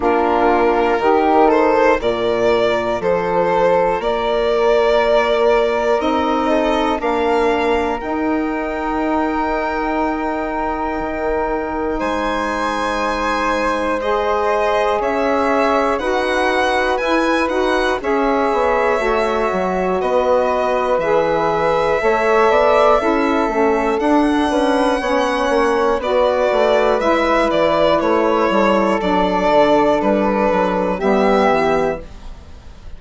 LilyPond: <<
  \new Staff \with { instrumentName = "violin" } { \time 4/4 \tempo 4 = 60 ais'4. c''8 d''4 c''4 | d''2 dis''4 f''4 | g''1 | gis''2 dis''4 e''4 |
fis''4 gis''8 fis''8 e''2 | dis''4 e''2. | fis''2 d''4 e''8 d''8 | cis''4 d''4 b'4 e''4 | }
  \new Staff \with { instrumentName = "flute" } { \time 4/4 f'4 g'8 a'8 ais'4 a'4 | ais'2~ ais'8 a'8 ais'4~ | ais'1 | c''2. cis''4 |
b'2 cis''2 | b'2 cis''8 d''8 a'4~ | a'8 b'8 cis''4 b'2~ | b'8 a'2~ a'8 g'4 | }
  \new Staff \with { instrumentName = "saxophone" } { \time 4/4 d'4 dis'4 f'2~ | f'2 dis'4 d'4 | dis'1~ | dis'2 gis'2 |
fis'4 e'8 fis'8 gis'4 fis'4~ | fis'4 gis'4 a'4 e'8 cis'8 | d'4 cis'4 fis'4 e'4~ | e'4 d'2 b4 | }
  \new Staff \with { instrumentName = "bassoon" } { \time 4/4 ais4 dis4 ais,4 f4 | ais2 c'4 ais4 | dis'2. dis4 | gis2. cis'4 |
dis'4 e'8 dis'8 cis'8 b8 a8 fis8 | b4 e4 a8 b8 cis'8 a8 | d'8 cis'8 b8 ais8 b8 a8 gis8 e8 | a8 g8 fis8 d8 g8 fis8 g8 e8 | }
>>